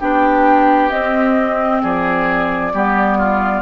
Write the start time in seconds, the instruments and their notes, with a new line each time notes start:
0.00 bassoon B3, clarinet D4, oboe G4, flute G5
0.90 clarinet C4, bassoon C4, flute D#5
1.82 bassoon F3, oboe G#4, flute D5
2.73 bassoon G3, clarinet B3, oboe G4
3.18 oboe F4